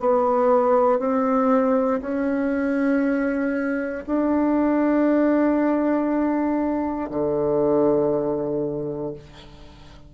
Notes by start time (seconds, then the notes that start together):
0.00 B3
0.99 C4
2.02 C#4
4.07 D4
7.10 D3